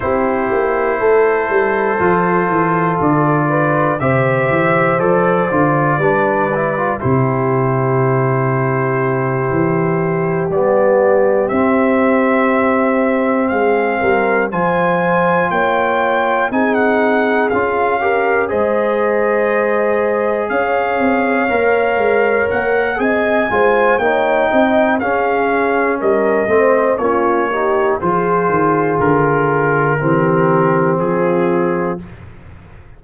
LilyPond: <<
  \new Staff \with { instrumentName = "trumpet" } { \time 4/4 \tempo 4 = 60 c''2. d''4 | e''4 d''2 c''4~ | c''2~ c''8 d''4 e''8~ | e''4. f''4 gis''4 g''8~ |
g''8 gis''16 fis''8. f''4 dis''4.~ | dis''8 f''2 fis''8 gis''4 | g''4 f''4 dis''4 cis''4 | c''4 ais'2 gis'4 | }
  \new Staff \with { instrumentName = "horn" } { \time 4/4 g'4 a'2~ a'8 b'8 | c''2 b'4 g'4~ | g'1~ | g'4. gis'8 ais'8 c''4 cis''8~ |
cis''8 gis'4. ais'8 c''4.~ | c''8 cis''2~ cis''8 dis''8 c''8 | cis''8 dis''8 gis'4 ais'8 c''8 f'8 g'8 | gis'2 g'4 f'4 | }
  \new Staff \with { instrumentName = "trombone" } { \time 4/4 e'2 f'2 | g'4 a'8 f'8 d'8 e'16 f'16 e'4~ | e'2~ e'8 b4 c'8~ | c'2~ c'8 f'4.~ |
f'8 dis'4 f'8 g'8 gis'4.~ | gis'4. ais'4. gis'8 f'8 | dis'4 cis'4. c'8 cis'8 dis'8 | f'2 c'2 | }
  \new Staff \with { instrumentName = "tuba" } { \time 4/4 c'8 ais8 a8 g8 f8 e8 d4 | c8 e8 f8 d8 g4 c4~ | c4. e4 g4 c'8~ | c'4. gis8 g8 f4 ais8~ |
ais8 c'4 cis'4 gis4.~ | gis8 cis'8 c'8 ais8 gis8 ais8 c'8 gis8 | ais8 c'8 cis'4 g8 a8 ais4 | f8 dis8 d4 e4 f4 | }
>>